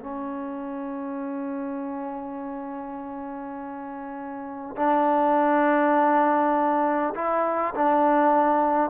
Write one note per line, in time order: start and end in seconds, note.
0.00 4.75 C#4
4.76 7.14 D4
7.14 7.74 E4
7.74 8.90 D4